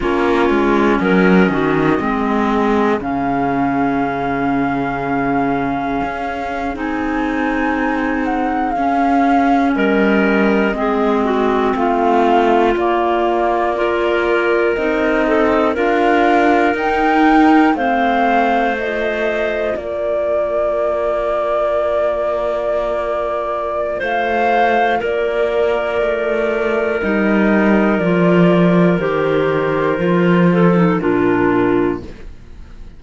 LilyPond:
<<
  \new Staff \with { instrumentName = "flute" } { \time 4/4 \tempo 4 = 60 cis''4 dis''2 f''4~ | f''2~ f''8. gis''4~ gis''16~ | gis''16 fis''8 f''4 dis''2 f''16~ | f''8. d''2 dis''4 f''16~ |
f''8. g''4 f''4 dis''4 d''16~ | d''1 | f''4 d''2 dis''4 | d''4 c''2 ais'4 | }
  \new Staff \with { instrumentName = "clarinet" } { \time 4/4 f'4 ais'8 fis'8 gis'2~ | gis'1~ | gis'4.~ gis'16 ais'4 gis'8 fis'8 f'16~ | f'4.~ f'16 ais'4. a'8 ais'16~ |
ais'4.~ ais'16 c''2 ais'16~ | ais'1 | c''4 ais'2.~ | ais'2~ ais'8 a'8 f'4 | }
  \new Staff \with { instrumentName = "clarinet" } { \time 4/4 cis'2 c'4 cis'4~ | cis'2~ cis'8. dis'4~ dis'16~ | dis'8. cis'2 c'4~ c'16~ | c'8. ais4 f'4 dis'4 f'16~ |
f'8. dis'4 c'4 f'4~ f'16~ | f'1~ | f'2. dis'4 | f'4 g'4 f'8. dis'16 d'4 | }
  \new Staff \with { instrumentName = "cello" } { \time 4/4 ais8 gis8 fis8 dis8 gis4 cis4~ | cis2 cis'8. c'4~ c'16~ | c'8. cis'4 g4 gis4 a16~ | a8. ais2 c'4 d'16~ |
d'8. dis'4 a2 ais16~ | ais1 | a4 ais4 a4 g4 | f4 dis4 f4 ais,4 | }
>>